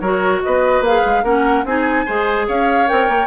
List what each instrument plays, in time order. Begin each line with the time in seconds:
0.00 bassoon F#3, clarinet F#4, oboe A#4, flute C#5
0.43 bassoon B3, oboe B4, flute D#5
0.80 bassoon A#3, flute F5
0.86 clarinet G#4
1.05 bassoon G#3
1.23 bassoon A#3, clarinet C#4, oboe A#4, flute F#5
1.64 bassoon C4, clarinet D#4, oboe G#4, flute G#5
2.05 bassoon G#3, clarinet G#4, oboe C5
2.47 bassoon C#4, oboe C#5, flute F5
2.87 bassoon C4, clarinet A#4, flute G5
3.08 bassoon A#3